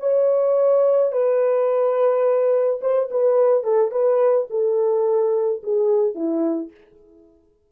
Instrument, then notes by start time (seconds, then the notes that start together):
horn
0.00 C#5
1.12 B4
2.82 C5
3.11 B4
3.64 A4
3.92 B4
4.50 A4
5.64 G#4
6.15 E4